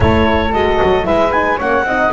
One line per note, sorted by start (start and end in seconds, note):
0.00 0.53 A3
0.00 0.52 E4
0.00 1.06 A4
0.00 0.53 C#5
0.53 0.80 G#3
0.53 1.03 F#4
0.53 1.06 D#5
0.83 1.07 F#3
1.03 1.60 G#3
1.03 1.30 E4
1.03 1.57 B4
1.03 1.31 E5
1.31 1.59 D#4
1.31 1.58 G#5
1.57 1.83 A#3
1.57 1.86 C#4
1.57 1.83 C#5
1.57 2.12 F#5
1.83 2.09 C4
1.83 2.12 D#4
1.83 2.12 D#5